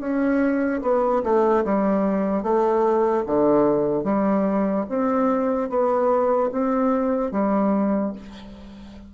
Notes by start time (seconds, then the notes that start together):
0.00 C#4
0.82 B3
1.24 A3
1.65 G3
2.43 A3
3.26 D3
4.04 G3
4.89 C4
5.69 B3
6.52 C4
7.32 G3